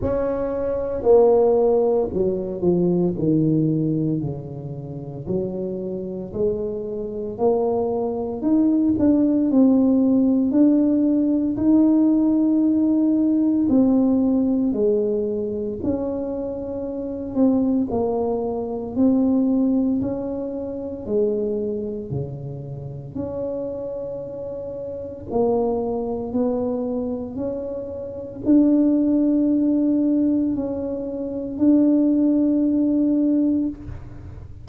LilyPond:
\new Staff \with { instrumentName = "tuba" } { \time 4/4 \tempo 4 = 57 cis'4 ais4 fis8 f8 dis4 | cis4 fis4 gis4 ais4 | dis'8 d'8 c'4 d'4 dis'4~ | dis'4 c'4 gis4 cis'4~ |
cis'8 c'8 ais4 c'4 cis'4 | gis4 cis4 cis'2 | ais4 b4 cis'4 d'4~ | d'4 cis'4 d'2 | }